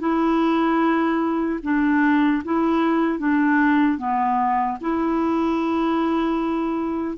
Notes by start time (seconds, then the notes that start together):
0.00 E4
1.63 D4
2.45 E4
3.19 D4
3.99 B3
4.81 E4